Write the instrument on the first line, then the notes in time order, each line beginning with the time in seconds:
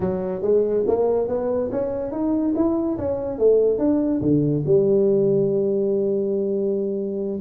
tuba
0.00 F#3
0.41 G#3
0.87 A#3
1.28 B3
1.71 C#4
2.11 D#4
2.55 E4
2.98 C#4
3.38 A3
3.78 D4
4.21 D3
4.65 G3